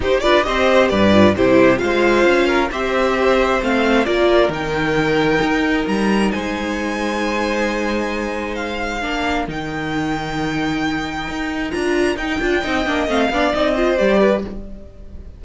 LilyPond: <<
  \new Staff \with { instrumentName = "violin" } { \time 4/4 \tempo 4 = 133 c''8 d''8 dis''4 d''4 c''4 | f''2 e''2 | f''4 d''4 g''2~ | g''4 ais''4 gis''2~ |
gis''2. f''4~ | f''4 g''2.~ | g''2 ais''4 g''4~ | g''4 f''4 dis''4 d''4 | }
  \new Staff \with { instrumentName = "violin" } { \time 4/4 g'8 b'8 c''4 b'4 g'4 | c''4. ais'8 c''2~ | c''4 ais'2.~ | ais'2 c''2~ |
c''1 | ais'1~ | ais'1 | dis''4. d''4 c''4 b'8 | }
  \new Staff \with { instrumentName = "viola" } { \time 4/4 dis'8 f'8 g'4. f'8 e'4 | f'2 g'2 | c'4 f'4 dis'2~ | dis'1~ |
dis'1 | d'4 dis'2.~ | dis'2 f'4 dis'8 f'8 | dis'8 d'8 c'8 d'8 dis'8 f'8 g'4 | }
  \new Staff \with { instrumentName = "cello" } { \time 4/4 dis'8 d'8 c'4 g,4 c4 | gis4 cis'4 c'2 | a4 ais4 dis2 | dis'4 g4 gis2~ |
gis1 | ais4 dis2.~ | dis4 dis'4 d'4 dis'8 d'8 | c'8 ais8 a8 b8 c'4 g4 | }
>>